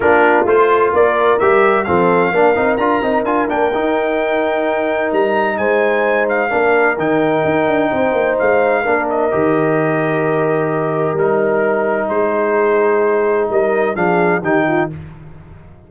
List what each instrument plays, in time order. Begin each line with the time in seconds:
0.00 tuba A#3, trombone D4, horn F4, trumpet A#4
0.45 tuba A3, trombone F4, trumpet C5
0.92 tuba A#3, horn A#4, trumpet D5
1.39 tuba G3, trombone G4, trumpet E5
1.84 tuba F3, trombone C4, horn A4, trumpet F5
2.31 tuba A#3, trombone D4, horn A#4
2.55 tuba C4, trombone D#4
2.77 tuba D4, trombone F4, trumpet A#5
3.02 tuba C4, trombone D#4
3.23 tuba D4, trombone F4, trumpet G#5
3.48 tuba A#3, trombone D4, trumpet G5
3.74 trombone D#4, tuba D#4
5.12 tuba G3, trumpet A#5
5.57 tuba G#3, horn C5, trumpet G#5
6.28 trumpet F5
6.49 tuba A#3, trombone D4, horn A#4
6.97 tuba D#3, trombone D#4, trumpet G5
7.44 tuba D#4
7.67 tuba D4
7.91 tuba C4, horn C5
8.12 tuba A#3
8.38 tuba G#3, trumpet F5
8.81 tuba A#3, trombone D4, horn A#4
9.09 trumpet D#5
9.31 tuba D#3, trombone G4
11.13 tuba G3, trombone D#4, trumpet A#4
12.08 tuba G#3, horn G#4, trumpet C5
13.49 tuba G3, horn A#4, trumpet D#5
13.95 tuba F3, trombone D4, horn G#4, trumpet F5
14.41 tuba D#3, trombone D#4, horn G4, trumpet G5
14.67 horn F4